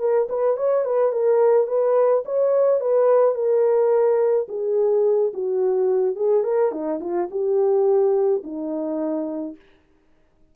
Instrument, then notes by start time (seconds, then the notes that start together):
horn
0.00 A#4
0.30 B4
0.57 C#5
0.85 B4
1.12 A#4
1.68 B4
2.25 C#5
2.80 B4
3.35 A#4
4.49 G#4
5.34 F#4
6.16 G#4
6.44 A#4
6.72 D#4
7.01 F4
7.31 G4
8.44 D#4